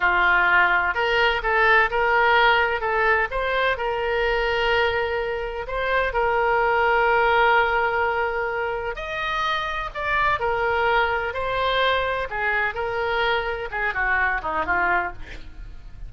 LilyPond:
\new Staff \with { instrumentName = "oboe" } { \time 4/4 \tempo 4 = 127 f'2 ais'4 a'4 | ais'2 a'4 c''4 | ais'1 | c''4 ais'2.~ |
ais'2. dis''4~ | dis''4 d''4 ais'2 | c''2 gis'4 ais'4~ | ais'4 gis'8 fis'4 dis'8 f'4 | }